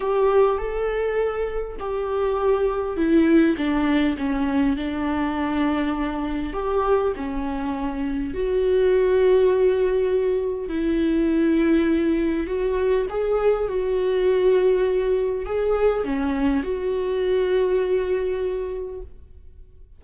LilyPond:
\new Staff \with { instrumentName = "viola" } { \time 4/4 \tempo 4 = 101 g'4 a'2 g'4~ | g'4 e'4 d'4 cis'4 | d'2. g'4 | cis'2 fis'2~ |
fis'2 e'2~ | e'4 fis'4 gis'4 fis'4~ | fis'2 gis'4 cis'4 | fis'1 | }